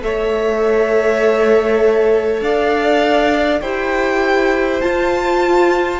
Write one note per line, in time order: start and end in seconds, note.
0.00 2.41 A3
0.00 3.60 A4
0.00 2.43 C#5
0.00 2.42 E5
2.41 3.61 D4
2.41 3.61 D5
2.41 3.60 F5
3.60 4.81 E4
3.60 4.82 G4
3.60 6.00 C5
3.60 4.80 G5
4.80 6.00 F4
4.80 6.00 A5